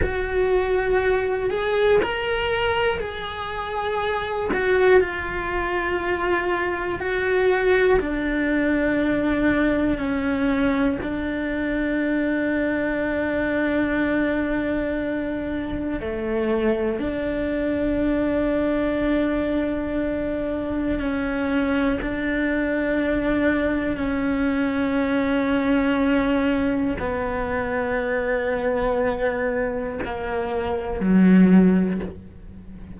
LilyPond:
\new Staff \with { instrumentName = "cello" } { \time 4/4 \tempo 4 = 60 fis'4. gis'8 ais'4 gis'4~ | gis'8 fis'8 f'2 fis'4 | d'2 cis'4 d'4~ | d'1 |
a4 d'2.~ | d'4 cis'4 d'2 | cis'2. b4~ | b2 ais4 fis4 | }